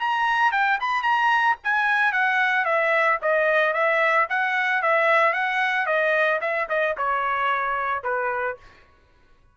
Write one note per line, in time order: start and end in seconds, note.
0.00 0.52 A#5
0.52 0.79 G5
0.81 1.03 B5
1.03 1.57 A#5
1.64 2.13 G#5
2.13 2.66 F#5
2.66 3.19 E5
3.22 3.74 D#5
3.74 4.28 E5
4.30 4.83 F#5
4.83 5.33 E5
5.33 5.87 F#5
5.87 6.40 D#5
6.41 6.68 E5
6.69 6.96 D#5
6.98 8.04 C#5
8.04 8.58 B4